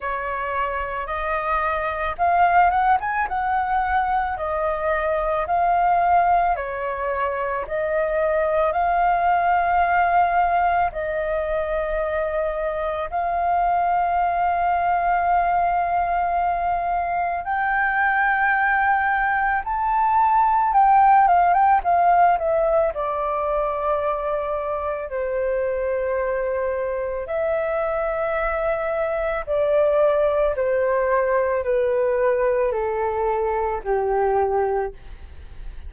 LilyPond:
\new Staff \with { instrumentName = "flute" } { \time 4/4 \tempo 4 = 55 cis''4 dis''4 f''8 fis''16 gis''16 fis''4 | dis''4 f''4 cis''4 dis''4 | f''2 dis''2 | f''1 |
g''2 a''4 g''8 f''16 g''16 | f''8 e''8 d''2 c''4~ | c''4 e''2 d''4 | c''4 b'4 a'4 g'4 | }